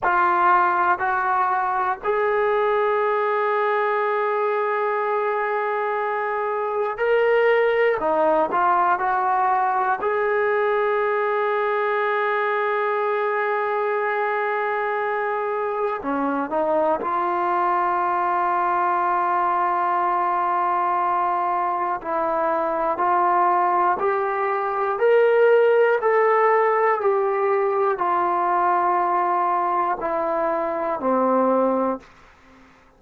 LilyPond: \new Staff \with { instrumentName = "trombone" } { \time 4/4 \tempo 4 = 60 f'4 fis'4 gis'2~ | gis'2. ais'4 | dis'8 f'8 fis'4 gis'2~ | gis'1 |
cis'8 dis'8 f'2.~ | f'2 e'4 f'4 | g'4 ais'4 a'4 g'4 | f'2 e'4 c'4 | }